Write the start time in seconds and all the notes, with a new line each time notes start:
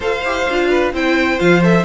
0.00 F4 A4 C5 F5
0.23 E4 G4
0.49 D4 F4
0.69 B4
0.92 C4 E4 C5 G5
1.38 F3 F4 F5
1.62 A4 E5